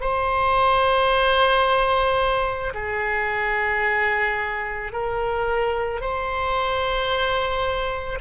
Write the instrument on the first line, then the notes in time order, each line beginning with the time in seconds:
oboe
0.00 C5
2.74 G#4
4.92 A#4
6.00 C5